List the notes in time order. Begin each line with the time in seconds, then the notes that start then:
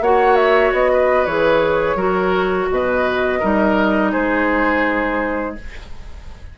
0.00 A#3 F#4 C#5 F#5
0.36 E5
0.72 B3 D#5
0.92 B4
1.26 E3 G#4 C#5
1.94 F#3 F#4 A#4
2.70 B2 B4 D#5
3.39 G3 D#4 A#4
4.11 G#3 G#4 C5